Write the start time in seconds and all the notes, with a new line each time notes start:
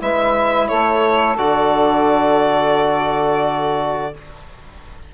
0.00 G#3 E4 B4 E5
0.68 A3 A4 C#5
1.38 D3 F#4 D5